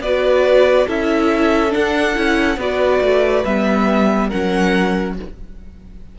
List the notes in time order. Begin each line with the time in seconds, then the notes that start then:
0.00 B3 F#4 B4 D5
0.87 C#4 E4 A4 E5
1.69 D4 F#5
2.15 C#4 E4
2.57 B3 F#4 B4 D5
3.01 A3
3.44 G3 B3 E5
4.27 F#3 C#4 A#4 F#5